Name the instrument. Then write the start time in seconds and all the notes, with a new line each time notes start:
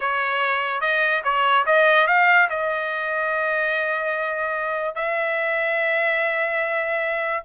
trumpet
0.00 C#5
0.81 D#5
1.24 C#5
1.66 D#5
2.07 F5
2.49 D#5
4.95 E5